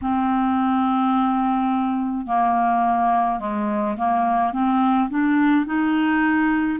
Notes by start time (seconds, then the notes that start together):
0.01 C4
2.26 A#3
3.40 G#3
3.97 A#3
4.52 C4
5.09 D4
5.66 D#4